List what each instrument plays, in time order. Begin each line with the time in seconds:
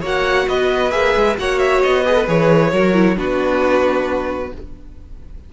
0.00 cello A#3, viola F#4, violin C#5 F#5
0.48 cello B3, violin B4 D#5
0.91 cello A#3, viola G#4, violin E5
1.15 cello G#3
1.38 cello A#3, viola F#4, violin C#5 F#5
1.59 violin E5
1.83 cello B3, violin D#5
2.04 viola G#4, violin B4
2.14 viola A4
2.26 cello E3, viola G#4, violin C#5
2.72 cello F#3, viola F#4, violin A#4
2.93 viola E4
3.16 cello B3, viola D4, violin F#4 B4